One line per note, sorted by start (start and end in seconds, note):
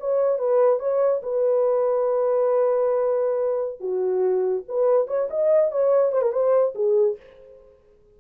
0.00 0.39 C#5
0.39 0.80 B4
0.80 1.21 C#5
1.23 3.80 B4
3.80 4.64 F#4
4.69 5.08 B4
5.08 5.29 C#5
5.30 5.72 D#5
5.72 6.12 C#5
6.12 6.22 C5
6.22 6.32 A#4
6.32 6.74 C5
6.75 7.17 G#4